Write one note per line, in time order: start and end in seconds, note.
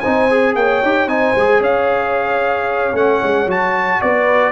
0.00 0.55 C4
0.00 0.30 D#4
0.00 0.53 C5
0.00 0.53 G#5
0.30 0.83 G#4
0.55 0.81 A#3
0.55 1.09 C#5
0.55 1.08 G5
0.83 1.06 D#4
0.83 1.09 G4
1.06 1.33 C4
1.06 1.35 D#4
1.06 1.60 C5
1.06 1.62 G#5
1.35 1.60 G#3
1.35 2.94 G#4
1.60 2.93 C#4
1.60 3.99 C#5
1.60 2.96 F5
2.93 3.20 A3
2.93 3.47 C#4
2.93 3.49 F#5
3.23 3.46 G#3
3.46 3.99 F#3
3.46 4.52 F#4
3.46 4.01 A5
4.01 4.52 B3
4.01 4.52 B4
4.01 4.52 D5